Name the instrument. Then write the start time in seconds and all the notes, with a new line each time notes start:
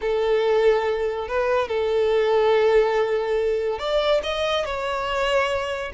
violin
0.01 A4
1.28 B4
1.68 A4
3.79 D5
4.23 D#5
4.65 C#5